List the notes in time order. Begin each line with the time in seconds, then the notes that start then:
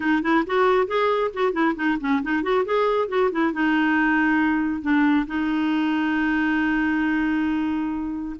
0.00 D#4
0.22 E4
0.46 F#4
0.87 G#4
1.33 F#4
1.52 E4
1.75 D#4
2.00 C#4
2.22 D#4
2.42 F#4
2.65 G#4
3.08 F#4
3.31 E4
3.52 D#4
4.81 D4
5.27 D#4